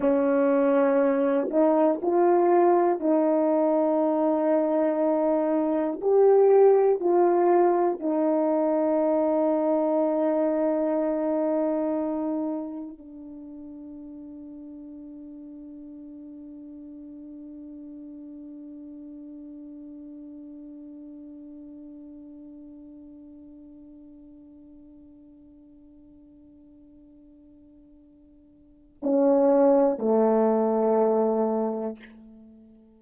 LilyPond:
\new Staff \with { instrumentName = "horn" } { \time 4/4 \tempo 4 = 60 cis'4. dis'8 f'4 dis'4~ | dis'2 g'4 f'4 | dis'1~ | dis'4 d'2.~ |
d'1~ | d'1~ | d'1~ | d'4 cis'4 a2 | }